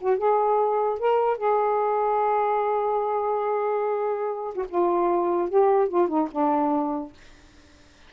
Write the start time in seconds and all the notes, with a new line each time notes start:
0.00 F#4
0.17 G#4
0.99 A#4
1.37 G#4
4.54 F#4
4.68 F4
5.49 G4
5.88 F4
6.08 D#4
6.31 D4